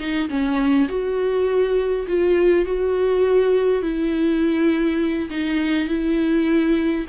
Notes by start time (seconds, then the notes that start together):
0.00 D#4
0.30 C#4
0.89 F#4
2.08 F4
2.66 F#4
3.83 E4
5.30 D#4
5.89 E4